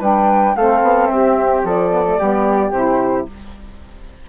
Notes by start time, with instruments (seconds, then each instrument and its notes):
0.00 bassoon G3, saxophone D4, flute B4 G5
0.56 bassoon A3, saxophone C4, flute A4 F5
0.83 bassoon B3
1.07 bassoon C4, flute E5
1.13 flute G4
1.64 bassoon F3, flute A4 D5
1.91 saxophone B3
2.06 saxophone A3
2.19 bassoon G3, saxophone B3, flute G4
2.72 bassoon C3, saxophone E4, flute C5